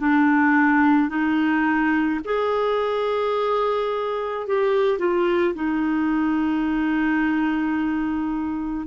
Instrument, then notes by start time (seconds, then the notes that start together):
clarinet
0.00 D4
1.10 D#4
2.25 G#4
4.47 G4
4.99 F4
5.55 D#4